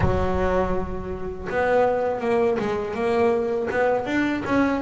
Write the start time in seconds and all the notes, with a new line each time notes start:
0.00 F#3
1.49 B3
2.20 A#3
2.59 G#3
2.94 A#3
3.70 B3
4.06 D4
4.45 C#4